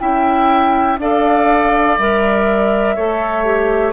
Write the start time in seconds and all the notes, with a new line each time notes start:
0.00 C#4 E4 E5 G5
0.99 D4 A4 D5 F5
1.97 G3 A#4 E5
2.95 A3 A4 C#5
3.44 G4